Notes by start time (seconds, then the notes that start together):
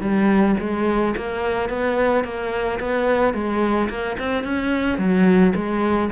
0.00 G3
0.59 G#3
1.16 A#3
1.69 B3
2.24 A#3
2.79 B3
3.33 G#3
3.89 A#3
4.19 C4
4.43 C#4
4.98 F#3
5.55 G#3